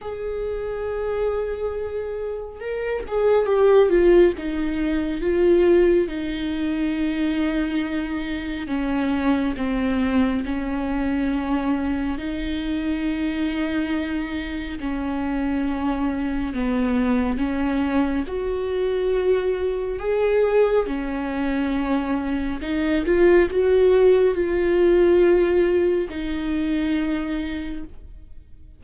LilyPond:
\new Staff \with { instrumentName = "viola" } { \time 4/4 \tempo 4 = 69 gis'2. ais'8 gis'8 | g'8 f'8 dis'4 f'4 dis'4~ | dis'2 cis'4 c'4 | cis'2 dis'2~ |
dis'4 cis'2 b4 | cis'4 fis'2 gis'4 | cis'2 dis'8 f'8 fis'4 | f'2 dis'2 | }